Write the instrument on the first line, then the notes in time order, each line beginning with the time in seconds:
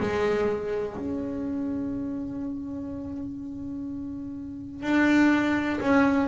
double bass
0.00 G#3
0.96 C#4
4.83 D4
5.80 C#4